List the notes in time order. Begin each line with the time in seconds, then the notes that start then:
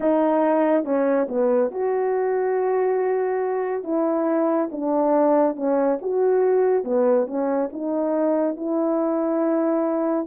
0.00 D#4
0.84 C#4
1.28 B3
1.71 F#4
3.83 E4
4.71 D4
5.56 C#4
6.01 F#4
6.84 B3
7.27 C#4
7.72 D#4
8.56 E4